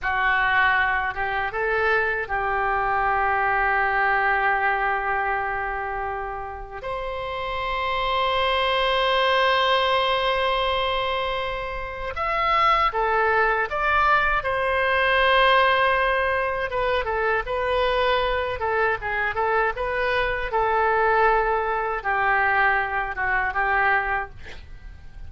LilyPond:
\new Staff \with { instrumentName = "oboe" } { \time 4/4 \tempo 4 = 79 fis'4. g'8 a'4 g'4~ | g'1~ | g'4 c''2.~ | c''1 |
e''4 a'4 d''4 c''4~ | c''2 b'8 a'8 b'4~ | b'8 a'8 gis'8 a'8 b'4 a'4~ | a'4 g'4. fis'8 g'4 | }